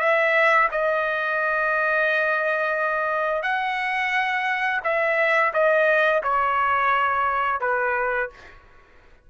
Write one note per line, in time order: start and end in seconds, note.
0.00 0.69 E5
0.72 3.43 D#5
3.43 4.81 F#5
4.84 5.53 E5
5.54 6.23 D#5
6.24 7.61 C#5
7.61 8.30 B4